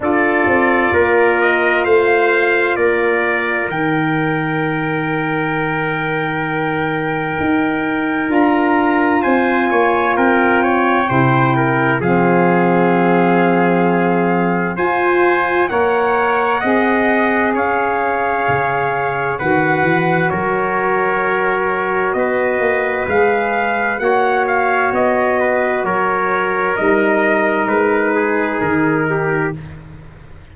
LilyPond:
<<
  \new Staff \with { instrumentName = "trumpet" } { \time 4/4 \tempo 4 = 65 d''4. dis''8 f''4 d''4 | g''1~ | g''4 ais''4 gis''4 g''4~ | g''4 f''2. |
gis''4 fis''2 f''4~ | f''4 fis''4 cis''2 | dis''4 f''4 fis''8 f''8 dis''4 | cis''4 dis''4 b'4 ais'4 | }
  \new Staff \with { instrumentName = "trumpet" } { \time 4/4 a'4 ais'4 c''4 ais'4~ | ais'1~ | ais'2 c''8 cis''8 ais'8 cis''8 | c''8 ais'8 gis'2. |
c''4 cis''4 dis''4 cis''4~ | cis''4 b'4 ais'2 | b'2 cis''4. b'8 | ais'2~ ais'8 gis'4 g'8 | }
  \new Staff \with { instrumentName = "saxophone" } { \time 4/4 f'1 | dis'1~ | dis'4 f'2. | e'4 c'2. |
f'4 ais'4 gis'2~ | gis'4 fis'2.~ | fis'4 gis'4 fis'2~ | fis'4 dis'2. | }
  \new Staff \with { instrumentName = "tuba" } { \time 4/4 d'8 c'8 ais4 a4 ais4 | dis1 | dis'4 d'4 c'8 ais8 c'4 | c4 f2. |
f'4 ais4 c'4 cis'4 | cis4 dis8 e8 fis2 | b8 ais8 gis4 ais4 b4 | fis4 g4 gis4 dis4 | }
>>